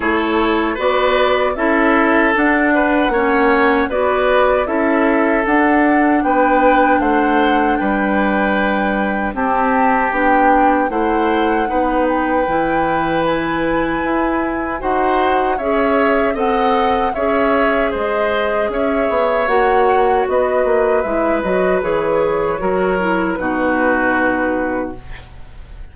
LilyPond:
<<
  \new Staff \with { instrumentName = "flute" } { \time 4/4 \tempo 4 = 77 cis''4 d''4 e''4 fis''4~ | fis''4 d''4 e''4 fis''4 | g''4 fis''4 g''2 | a''4 g''4 fis''4. g''8~ |
g''4 gis''2 fis''4 | e''4 fis''4 e''4 dis''4 | e''4 fis''4 dis''4 e''8 dis''8 | cis''2 b'2 | }
  \new Staff \with { instrumentName = "oboe" } { \time 4/4 a'4 b'4 a'4. b'8 | cis''4 b'4 a'2 | b'4 c''4 b'2 | g'2 c''4 b'4~ |
b'2. c''4 | cis''4 dis''4 cis''4 c''4 | cis''2 b'2~ | b'4 ais'4 fis'2 | }
  \new Staff \with { instrumentName = "clarinet" } { \time 4/4 e'4 fis'4 e'4 d'4 | cis'4 fis'4 e'4 d'4~ | d'1 | c'4 d'4 e'4 dis'4 |
e'2. fis'4 | gis'4 a'4 gis'2~ | gis'4 fis'2 e'8 fis'8 | gis'4 fis'8 e'8 dis'2 | }
  \new Staff \with { instrumentName = "bassoon" } { \time 4/4 a4 b4 cis'4 d'4 | ais4 b4 cis'4 d'4 | b4 a4 g2 | c'4 b4 a4 b4 |
e2 e'4 dis'4 | cis'4 c'4 cis'4 gis4 | cis'8 b8 ais4 b8 ais8 gis8 fis8 | e4 fis4 b,2 | }
>>